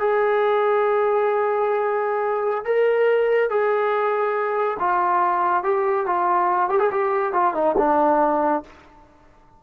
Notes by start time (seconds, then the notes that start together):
0.00 G#4
2.65 A#4
3.50 G#4
4.80 F4
5.64 G4
6.06 F4
6.70 G4
6.80 G#4
6.92 G4
7.33 F4
7.54 D#4
7.78 D4